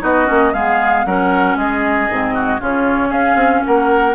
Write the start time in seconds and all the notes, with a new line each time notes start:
0.00 B3 D#4 F#4 D#5
0.26 A#3 C#4
0.53 G#3 B3 G#4 F5
1.05 F#3 C#4 A#4 F#5
1.56 G#3 G#4 D#5
2.10 G#2 C4
2.34 F#4
2.59 C#3 C#4 F4 C#5
3.09 C#4 G#4 F5
3.35 C4
3.65 A#3 A#4 F#5